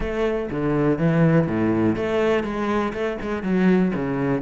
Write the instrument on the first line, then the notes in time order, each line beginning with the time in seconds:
cello
0.00 A3
0.50 D3
0.98 E3
1.47 A2
1.95 A3
2.43 G#3
2.93 A3
3.21 G#3
3.42 F#3
3.95 C#3